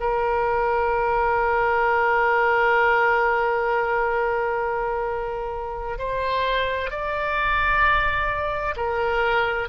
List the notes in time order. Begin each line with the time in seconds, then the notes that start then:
0.00 A#4
5.99 C5
6.91 D5
8.77 A#4